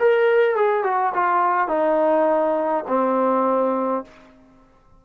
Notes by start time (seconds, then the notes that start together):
0.00 A#4
0.56 G#4
0.84 F#4
1.14 F4
1.68 D#4
2.88 C4